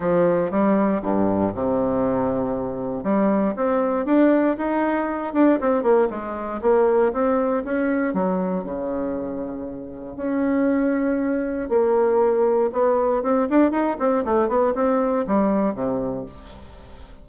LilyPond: \new Staff \with { instrumentName = "bassoon" } { \time 4/4 \tempo 4 = 118 f4 g4 g,4 c4~ | c2 g4 c'4 | d'4 dis'4. d'8 c'8 ais8 | gis4 ais4 c'4 cis'4 |
fis4 cis2. | cis'2. ais4~ | ais4 b4 c'8 d'8 dis'8 c'8 | a8 b8 c'4 g4 c4 | }